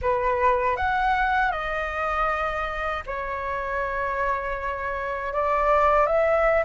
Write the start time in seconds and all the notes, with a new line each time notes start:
0.01 B4
0.76 F#5
1.51 D#5
3.06 C#5
5.33 D5
6.06 E5